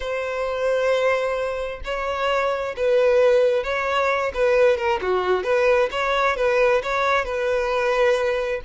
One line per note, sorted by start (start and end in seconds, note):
0.00 1.81 C5
1.84 2.75 C#5
2.76 3.63 B4
3.63 4.32 C#5
4.34 4.77 B4
4.77 5.00 A#4
5.01 5.43 F#4
5.43 5.89 B4
5.91 6.36 C#5
6.36 6.81 B4
6.82 7.25 C#5
7.25 8.61 B4